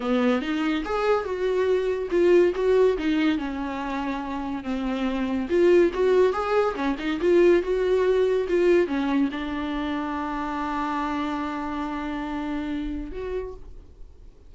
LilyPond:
\new Staff \with { instrumentName = "viola" } { \time 4/4 \tempo 4 = 142 b4 dis'4 gis'4 fis'4~ | fis'4 f'4 fis'4 dis'4 | cis'2. c'4~ | c'4 f'4 fis'4 gis'4 |
cis'8 dis'8 f'4 fis'2 | f'4 cis'4 d'2~ | d'1~ | d'2. fis'4 | }